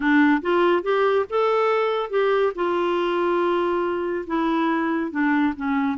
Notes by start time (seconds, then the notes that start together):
0.00 D4
0.41 F4
0.83 G4
1.29 A4
2.10 G4
2.55 F4
4.26 E4
5.11 D4
5.56 C#4